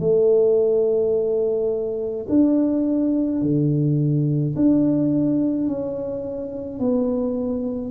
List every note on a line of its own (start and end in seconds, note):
0.00 2.26 A3
2.29 3.42 D4
3.42 4.55 D3
4.56 5.68 D4
5.68 6.79 C#4
6.79 7.91 B3